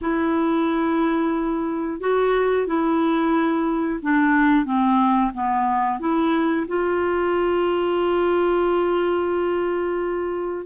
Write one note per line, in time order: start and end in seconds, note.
0.01 2.00 E4
2.00 2.66 F#4
2.66 4.00 E4
4.02 4.65 D4
4.65 5.32 C4
5.34 5.99 B3
5.99 6.66 E4
6.67 10.65 F4